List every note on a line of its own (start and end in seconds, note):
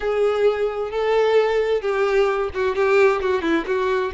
0.00 0.90 G#4
0.90 1.81 A4
1.81 2.50 G4
2.54 2.75 F#4
2.75 3.21 G4
3.21 3.41 F#4
3.41 3.64 E4
3.66 4.12 F#4